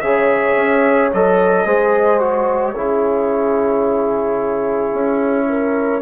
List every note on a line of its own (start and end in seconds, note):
0.00 0.55 C#3
0.00 1.12 G#4
0.00 1.65 C#5
0.00 1.09 E5
0.55 1.10 C#4
1.13 1.65 F#3
1.13 1.67 A4
1.13 2.22 D#5
1.65 2.75 G#3
1.65 2.20 G#4
1.65 2.72 C5
2.20 2.74 F#4
2.20 6.02 C#5
2.72 4.92 C#3
2.72 6.02 E4
2.72 5.45 G#4
4.92 6.01 C#4
5.49 6.02 A#4